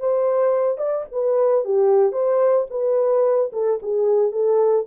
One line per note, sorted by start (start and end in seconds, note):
0.00 0.78 C5
0.78 1.05 D5
1.12 1.65 B4
1.65 2.12 G4
2.12 2.66 C5
2.70 3.51 B4
3.53 3.80 A4
3.82 4.32 G#4
4.32 4.86 A4